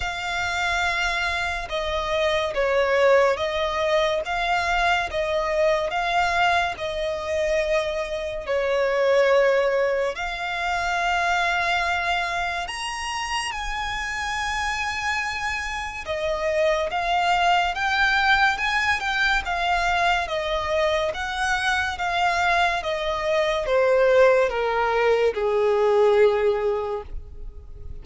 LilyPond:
\new Staff \with { instrumentName = "violin" } { \time 4/4 \tempo 4 = 71 f''2 dis''4 cis''4 | dis''4 f''4 dis''4 f''4 | dis''2 cis''2 | f''2. ais''4 |
gis''2. dis''4 | f''4 g''4 gis''8 g''8 f''4 | dis''4 fis''4 f''4 dis''4 | c''4 ais'4 gis'2 | }